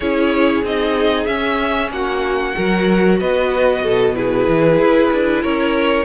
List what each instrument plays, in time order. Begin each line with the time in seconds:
0.00 cello C#4, viola E4, violin G#4 C#5
0.63 cello C4, viola D#4, violin D#5
1.26 cello C#4, viola C#4, violin E5
1.90 cello A#3, violin F#4 F#5
2.53 cello F#3, viola F#4, violin A#4
3.19 cello B3, violin B4 D#5
3.83 cello B2, violin A4
4.14 viola E4, violin G#4 B4
4.47 cello E3
4.79 cello E4
5.12 cello D4
5.42 cello C#4, violin A#4 C#5